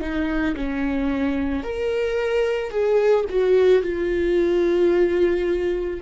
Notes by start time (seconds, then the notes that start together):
0.00 D#4
0.56 C#4
1.63 A#4
2.70 G#4
3.29 F#4
3.82 F4